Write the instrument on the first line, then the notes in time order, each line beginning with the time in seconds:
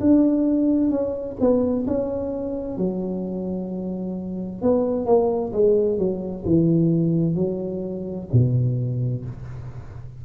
tuba
0.00 D4
0.91 C#4
1.41 B3
1.87 C#4
2.77 F#3
4.62 B3
5.06 A#3
5.53 G#3
5.98 F#3
6.45 E3
7.35 F#3
8.33 B2